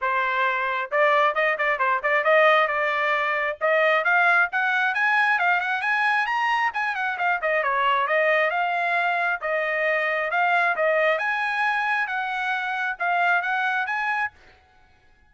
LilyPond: \new Staff \with { instrumentName = "trumpet" } { \time 4/4 \tempo 4 = 134 c''2 d''4 dis''8 d''8 | c''8 d''8 dis''4 d''2 | dis''4 f''4 fis''4 gis''4 | f''8 fis''8 gis''4 ais''4 gis''8 fis''8 |
f''8 dis''8 cis''4 dis''4 f''4~ | f''4 dis''2 f''4 | dis''4 gis''2 fis''4~ | fis''4 f''4 fis''4 gis''4 | }